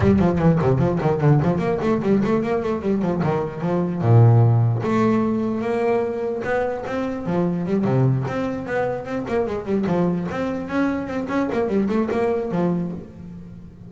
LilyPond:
\new Staff \with { instrumentName = "double bass" } { \time 4/4 \tempo 4 = 149 g8 f8 e8 c8 f8 dis8 d8 f8 | ais8 a8 g8 a8 ais8 a8 g8 f8 | dis4 f4 ais,2 | a2 ais2 |
b4 c'4 f4 g8 c8~ | c8 c'4 b4 c'8 ais8 gis8 | g8 f4 c'4 cis'4 c'8 | cis'8 ais8 g8 a8 ais4 f4 | }